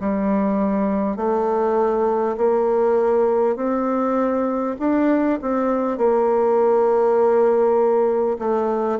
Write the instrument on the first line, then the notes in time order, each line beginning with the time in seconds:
bassoon
0.00 G3
1.16 A3
2.37 A#3
3.56 C4
4.79 D4
5.42 C4
5.97 A#3
8.38 A3